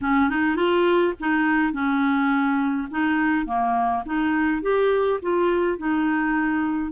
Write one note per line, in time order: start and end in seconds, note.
0.01 0.29 C#4
0.29 0.56 D#4
0.56 1.13 F4
1.20 1.73 D#4
1.73 2.88 C#4
2.91 3.46 D#4
3.46 4.03 A#3
4.05 4.62 D#4
4.62 5.19 G4
5.22 5.78 F4
5.78 6.92 D#4